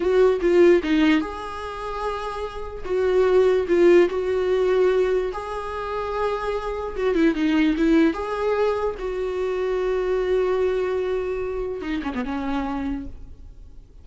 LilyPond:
\new Staff \with { instrumentName = "viola" } { \time 4/4 \tempo 4 = 147 fis'4 f'4 dis'4 gis'4~ | gis'2. fis'4~ | fis'4 f'4 fis'2~ | fis'4 gis'2.~ |
gis'4 fis'8 e'8 dis'4 e'4 | gis'2 fis'2~ | fis'1~ | fis'4 dis'8 cis'16 b16 cis'2 | }